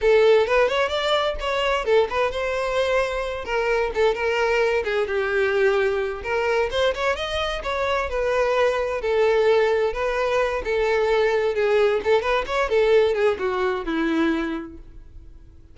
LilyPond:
\new Staff \with { instrumentName = "violin" } { \time 4/4 \tempo 4 = 130 a'4 b'8 cis''8 d''4 cis''4 | a'8 b'8 c''2~ c''8 ais'8~ | ais'8 a'8 ais'4. gis'8 g'4~ | g'4. ais'4 c''8 cis''8 dis''8~ |
dis''8 cis''4 b'2 a'8~ | a'4. b'4. a'4~ | a'4 gis'4 a'8 b'8 cis''8 a'8~ | a'8 gis'8 fis'4 e'2 | }